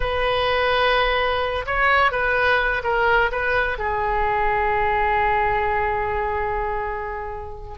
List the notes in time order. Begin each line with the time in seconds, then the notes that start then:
0.00 B4
1.65 C#5
2.11 B4
2.83 A#4
3.31 B4
3.78 G#4